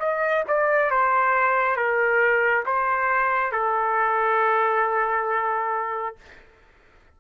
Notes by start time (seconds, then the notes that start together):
0.00 D#5
0.48 D5
0.91 C5
1.76 A#4
2.66 C5
3.52 A4